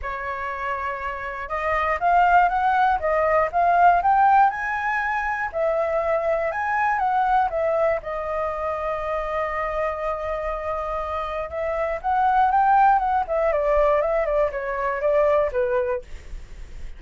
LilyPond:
\new Staff \with { instrumentName = "flute" } { \time 4/4 \tempo 4 = 120 cis''2. dis''4 | f''4 fis''4 dis''4 f''4 | g''4 gis''2 e''4~ | e''4 gis''4 fis''4 e''4 |
dis''1~ | dis''2. e''4 | fis''4 g''4 fis''8 e''8 d''4 | e''8 d''8 cis''4 d''4 b'4 | }